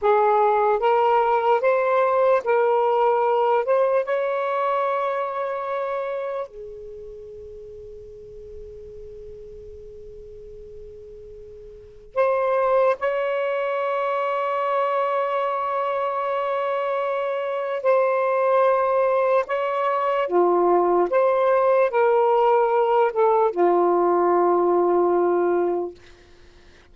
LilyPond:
\new Staff \with { instrumentName = "saxophone" } { \time 4/4 \tempo 4 = 74 gis'4 ais'4 c''4 ais'4~ | ais'8 c''8 cis''2. | gis'1~ | gis'2. c''4 |
cis''1~ | cis''2 c''2 | cis''4 f'4 c''4 ais'4~ | ais'8 a'8 f'2. | }